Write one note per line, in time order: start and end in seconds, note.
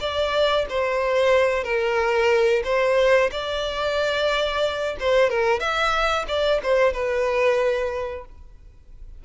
0.00 0.66 D5
0.70 1.64 C5
1.64 2.63 A#4
2.64 3.30 C5
3.31 4.96 D5
5.00 5.30 C5
5.30 5.60 A#4
5.60 6.26 E5
6.28 6.61 D5
6.63 6.93 C5
6.93 8.25 B4